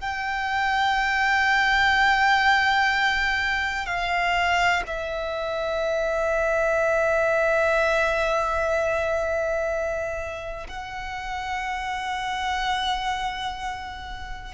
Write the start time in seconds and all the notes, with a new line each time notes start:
0.00 G5
3.86 F5
4.86 E5
10.68 F#5